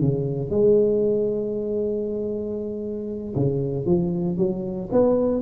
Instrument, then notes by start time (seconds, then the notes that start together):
tuba
0.00 C#3
0.51 G#3
3.36 C#3
3.86 F3
4.38 F#3
4.92 B3